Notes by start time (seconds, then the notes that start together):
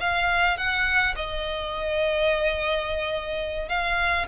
0.00 F5
0.57 F#5
1.16 D#5
3.69 F5